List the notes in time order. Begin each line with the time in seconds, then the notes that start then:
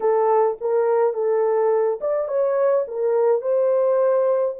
0.00 A4
0.60 A#4
1.13 A4
2.01 D5
2.28 C#5
2.87 A#4
3.41 C5